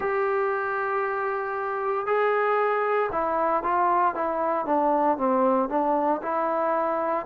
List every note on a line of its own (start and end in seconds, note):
0.00 2.06 G4
2.06 3.09 G#4
3.12 3.63 E4
3.63 4.14 F4
4.14 4.66 E4
4.66 5.17 D4
5.17 5.69 C4
5.69 6.21 D4
6.22 7.26 E4